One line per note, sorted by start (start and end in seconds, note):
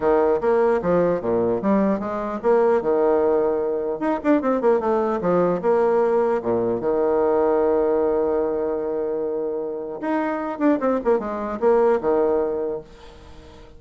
0.00 0.40 D#3
0.40 0.80 A#3
0.82 1.21 F3
1.21 1.61 A#2
1.62 1.99 G3
1.99 2.39 G#3
2.42 2.81 A#3
2.81 3.99 D#3
3.99 4.19 D#4
4.23 4.41 D4
4.41 4.61 C4
4.61 4.80 A#3
4.80 5.20 A3
5.21 5.61 F3
5.61 6.41 A#3
6.42 6.80 A#2
6.80 10.00 D#3
10.00 10.58 D#4
10.58 10.78 D4
10.80 11.00 C4
11.04 11.19 A#3
11.19 11.59 G#3
11.59 11.99 A#3
12.00 12.80 D#3